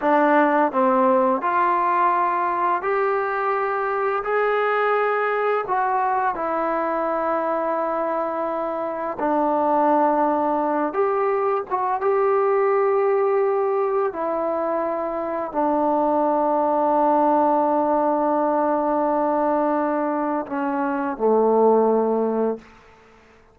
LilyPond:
\new Staff \with { instrumentName = "trombone" } { \time 4/4 \tempo 4 = 85 d'4 c'4 f'2 | g'2 gis'2 | fis'4 e'2.~ | e'4 d'2~ d'8 g'8~ |
g'8 fis'8 g'2. | e'2 d'2~ | d'1~ | d'4 cis'4 a2 | }